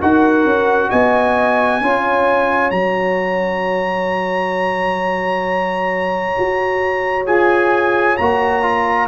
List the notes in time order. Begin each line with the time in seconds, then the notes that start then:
0.00 D#4 F#4 A#4 F#5
0.45 C#4
0.90 B3 D#5 G#5
1.81 C#4 F4 C#5
2.71 F#3 F#4 A#5
6.39 F#4
7.26 F4 G#4 G#5
8.17 A#3 F#4 A#5
8.62 F4